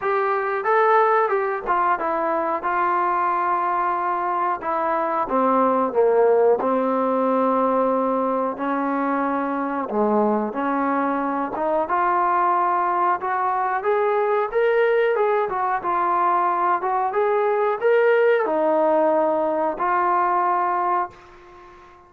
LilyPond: \new Staff \with { instrumentName = "trombone" } { \time 4/4 \tempo 4 = 91 g'4 a'4 g'8 f'8 e'4 | f'2. e'4 | c'4 ais4 c'2~ | c'4 cis'2 gis4 |
cis'4. dis'8 f'2 | fis'4 gis'4 ais'4 gis'8 fis'8 | f'4. fis'8 gis'4 ais'4 | dis'2 f'2 | }